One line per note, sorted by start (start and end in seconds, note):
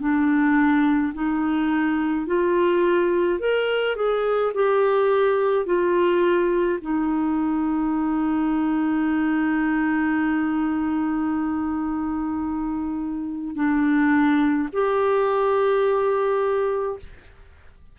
0.00 1.13 D4
1.14 2.26 D#4
2.26 3.40 F4
3.40 3.96 A#4
3.96 4.52 G#4
4.54 5.66 G4
5.66 6.79 F4
6.82 13.55 D#4
13.55 14.69 D4
14.73 16.99 G4